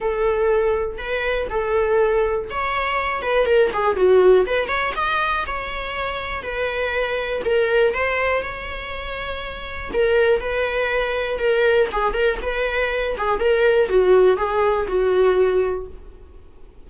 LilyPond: \new Staff \with { instrumentName = "viola" } { \time 4/4 \tempo 4 = 121 a'2 b'4 a'4~ | a'4 cis''4. b'8 ais'8 gis'8 | fis'4 b'8 cis''8 dis''4 cis''4~ | cis''4 b'2 ais'4 |
c''4 cis''2. | ais'4 b'2 ais'4 | gis'8 ais'8 b'4. gis'8 ais'4 | fis'4 gis'4 fis'2 | }